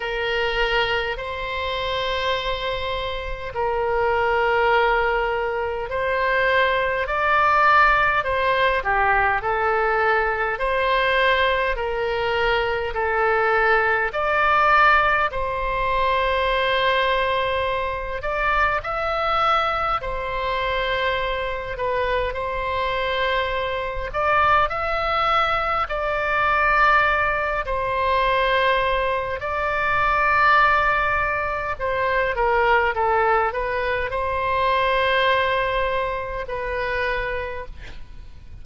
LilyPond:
\new Staff \with { instrumentName = "oboe" } { \time 4/4 \tempo 4 = 51 ais'4 c''2 ais'4~ | ais'4 c''4 d''4 c''8 g'8 | a'4 c''4 ais'4 a'4 | d''4 c''2~ c''8 d''8 |
e''4 c''4. b'8 c''4~ | c''8 d''8 e''4 d''4. c''8~ | c''4 d''2 c''8 ais'8 | a'8 b'8 c''2 b'4 | }